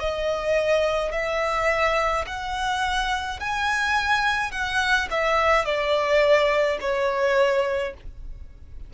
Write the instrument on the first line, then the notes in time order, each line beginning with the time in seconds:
violin
0.00 D#5
1.12 E5
2.27 F#5
3.40 G#5
4.52 F#5
5.11 E5
5.66 D5
6.81 C#5